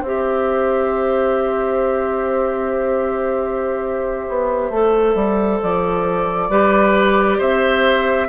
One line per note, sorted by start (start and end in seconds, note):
0.00 4.27 C4
0.00 4.72 G4
0.00 6.49 C5
0.00 5.62 E5
4.28 4.70 B3
4.70 5.14 A3
4.70 6.50 A4
5.14 5.59 G3
5.62 6.49 F3
5.62 7.40 D5
6.49 7.38 G3
6.49 8.28 G4
6.49 7.38 B4
7.38 8.28 C4
7.38 8.27 C5
7.38 8.28 E5